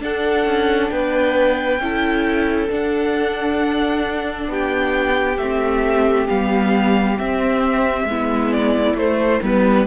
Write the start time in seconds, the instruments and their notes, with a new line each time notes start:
0.00 viola D4, cello D4, violin A4 F#5
0.45 cello C#4
0.90 cello B3, violin B4 G5
1.79 cello C#4, viola E4, violin A4
2.69 viola D4, cello D4, violin F#5
4.48 cello B3, violin G4 G5
5.37 cello A3, viola C4, violin E5
6.28 cello G3, viola B3, violin F5
7.19 viola C4, cello C4, violin E5
8.04 cello G#3, viola B3, violin E4
8.53 violin D5
8.95 cello A3, viola A3, violin C5
9.42 cello G3, viola B3, violin B4